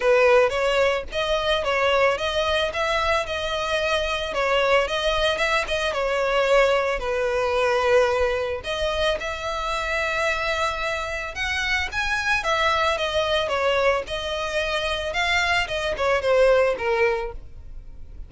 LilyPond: \new Staff \with { instrumentName = "violin" } { \time 4/4 \tempo 4 = 111 b'4 cis''4 dis''4 cis''4 | dis''4 e''4 dis''2 | cis''4 dis''4 e''8 dis''8 cis''4~ | cis''4 b'2. |
dis''4 e''2.~ | e''4 fis''4 gis''4 e''4 | dis''4 cis''4 dis''2 | f''4 dis''8 cis''8 c''4 ais'4 | }